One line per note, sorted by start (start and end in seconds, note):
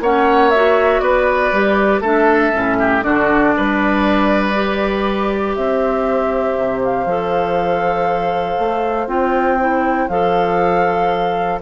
0.00 1.00 A#3
0.00 0.53 C#4
0.00 1.01 C#5
0.00 0.50 F#5
0.50 1.53 F#4
0.50 0.99 E5
0.99 1.50 B3
0.99 2.01 B4
0.99 2.00 D5
1.52 2.00 G3
1.52 2.03 G4
2.00 2.51 A3
2.00 2.52 D4
2.00 2.76 A4
2.00 3.02 E5
2.52 3.04 A2
2.52 3.02 C#4
2.79 3.04 G4
3.02 3.54 D3
3.02 4.53 D4
3.02 3.55 F#4
3.02 5.54 D5
3.56 5.56 G3
3.56 5.57 B4
4.54 7.06 G4
5.55 6.57 C4
5.55 11.62 C5
5.55 6.81 E5
6.57 7.05 C3
6.84 9.08 F5
7.05 8.57 F3
7.05 9.08 A4
8.59 9.07 A3
9.07 10.07 C4
9.07 9.58 F4
9.07 10.08 G5
9.59 10.09 E4
10.08 11.60 F3
10.08 11.61 A4
10.08 11.59 F5